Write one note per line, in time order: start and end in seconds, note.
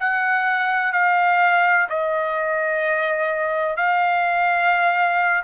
0.00 0.93 F#5
0.93 1.88 F5
1.89 3.77 D#5
3.77 5.43 F5